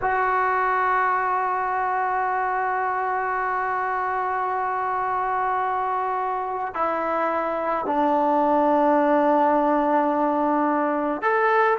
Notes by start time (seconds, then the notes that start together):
0.01 F#4
6.74 E4
7.86 D4
11.21 A4